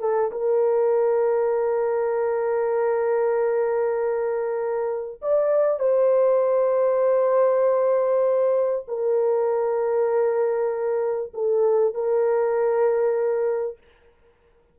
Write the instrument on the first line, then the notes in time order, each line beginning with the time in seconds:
horn
0.00 A4
0.31 A#4
5.22 D5
5.79 C5
8.87 A#4
11.33 A4
11.94 A#4